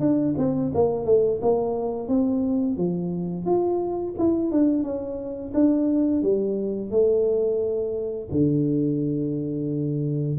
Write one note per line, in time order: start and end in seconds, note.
0.00 0.34 D4
0.38 0.72 C4
0.75 1.05 A#3
1.05 1.40 A3
1.42 2.08 A#3
2.08 2.77 C4
2.77 3.46 F3
3.46 4.15 F4
4.18 4.51 E4
4.51 4.83 D4
4.83 5.52 C#4
5.54 6.23 D4
6.23 6.91 G3
6.91 8.29 A3
8.31 10.38 D3